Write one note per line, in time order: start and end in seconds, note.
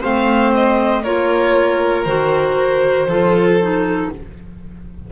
0.00 1.04 A3
0.00 1.04 C4
0.00 1.02 C5
0.00 0.53 F5
0.54 1.04 D#5
1.02 2.05 A#3
1.02 2.06 F4
1.02 3.06 A#4
1.02 2.04 C#5
2.04 3.06 D#3
2.04 3.08 F#4
2.04 4.07 C5
3.06 4.07 F3
3.06 3.59 F4
3.06 4.10 A4
3.61 4.12 D#4